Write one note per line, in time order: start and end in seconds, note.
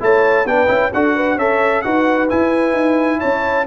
0.00 0.45 A3
0.00 0.46 E4
0.00 0.46 C#5
0.00 0.47 A5
0.45 0.68 B3
0.45 0.67 D4
0.45 0.91 B4
0.45 0.93 G5
0.67 0.91 C#4
0.67 0.90 E4
0.93 1.37 D4
0.93 1.39 F#4
0.93 1.15 A4
0.93 1.38 F#5
1.15 1.36 B4
1.36 1.83 C#4
1.36 1.84 A4
1.36 1.82 C#5
1.36 1.82 E5
1.82 2.31 D#4
1.82 2.29 F#4
1.82 3.19 B4
1.82 2.28 F#5
2.29 3.67 E4
2.29 2.72 E4
2.29 3.20 G#5
2.72 3.18 D#4
3.19 3.67 C#4
3.19 3.65 C#5
3.19 3.66 A5